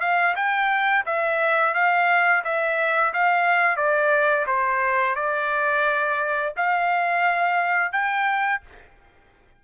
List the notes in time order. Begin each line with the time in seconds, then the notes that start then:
0.00 F5
0.35 G5
1.06 E5
1.74 F5
2.44 E5
3.13 F5
3.76 D5
4.46 C5
5.15 D5
6.56 F5
7.92 G5